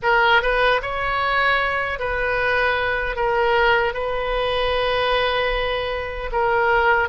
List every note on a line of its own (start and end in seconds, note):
0.02 0.42 A#4
0.42 0.81 B4
0.81 1.99 C#5
1.99 3.16 B4
3.16 3.93 A#4
3.93 6.30 B4
6.32 7.08 A#4